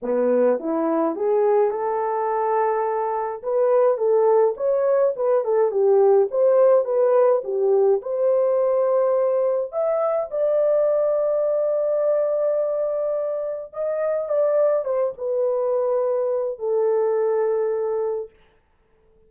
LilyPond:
\new Staff \with { instrumentName = "horn" } { \time 4/4 \tempo 4 = 105 b4 e'4 gis'4 a'4~ | a'2 b'4 a'4 | cis''4 b'8 a'8 g'4 c''4 | b'4 g'4 c''2~ |
c''4 e''4 d''2~ | d''1 | dis''4 d''4 c''8 b'4.~ | b'4 a'2. | }